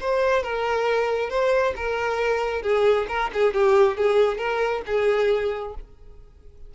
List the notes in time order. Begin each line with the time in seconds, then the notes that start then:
0.00 C5
0.42 A#4
1.29 C5
1.76 A#4
2.62 G#4
3.08 A#4
3.33 G#4
3.53 G4
3.96 G#4
4.37 A#4
4.86 G#4